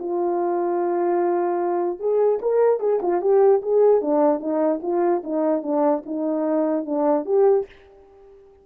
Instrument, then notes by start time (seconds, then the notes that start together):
horn
0.00 F4
2.00 G#4
2.42 A#4
2.80 G#4
3.02 F4
3.22 G4
3.63 G#4
4.02 D4
4.40 D#4
4.83 F4
5.24 D#4
5.63 D4
6.06 D#4
6.86 D4
7.26 G4